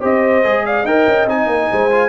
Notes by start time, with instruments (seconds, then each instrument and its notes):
0.00 tuba C4, trombone G4, horn C5, trumpet D#5
0.43 tuba G#3, trombone G#4
0.65 horn D5, trumpet F5
0.83 tuba D#4, trombone A#4, horn D#5, trumpet G5
1.07 tuba C#4
1.26 tuba C4, trombone D#4, trumpet G#5
1.46 tuba A#3
1.70 tuba G#3, horn C5
1.91 trombone F4